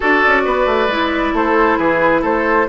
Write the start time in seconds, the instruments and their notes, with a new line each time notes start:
0.00 bassoon D4, clarinet F#4, oboe A4, flute D5
0.27 bassoon C#4
0.44 bassoon B3, oboe B4
0.66 bassoon A3
0.88 bassoon G#3, clarinet E4
1.33 bassoon A3, oboe A4, flute C5
1.78 bassoon E3, oboe G#4, flute B4
2.21 bassoon A3, oboe A4, flute C5